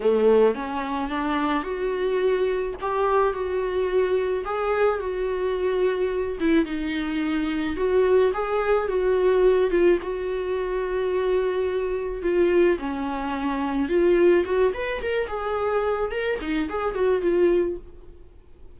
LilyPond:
\new Staff \with { instrumentName = "viola" } { \time 4/4 \tempo 4 = 108 a4 cis'4 d'4 fis'4~ | fis'4 g'4 fis'2 | gis'4 fis'2~ fis'8 e'8 | dis'2 fis'4 gis'4 |
fis'4. f'8 fis'2~ | fis'2 f'4 cis'4~ | cis'4 f'4 fis'8 b'8 ais'8 gis'8~ | gis'4 ais'8 dis'8 gis'8 fis'8 f'4 | }